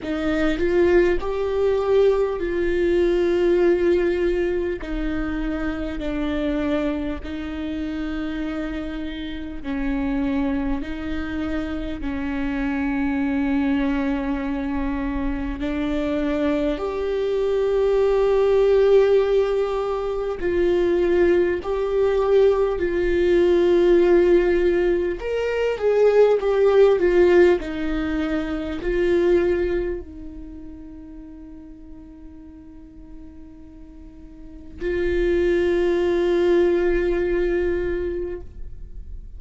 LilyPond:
\new Staff \with { instrumentName = "viola" } { \time 4/4 \tempo 4 = 50 dis'8 f'8 g'4 f'2 | dis'4 d'4 dis'2 | cis'4 dis'4 cis'2~ | cis'4 d'4 g'2~ |
g'4 f'4 g'4 f'4~ | f'4 ais'8 gis'8 g'8 f'8 dis'4 | f'4 dis'2.~ | dis'4 f'2. | }